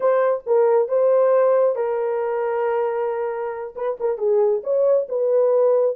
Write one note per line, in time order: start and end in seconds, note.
0.00 0.43 C5
0.46 0.88 A#4
0.88 1.75 C5
1.75 3.74 A#4
3.75 3.97 B4
4.00 4.18 A#4
4.18 4.62 G#4
4.63 5.07 C#5
5.09 5.96 B4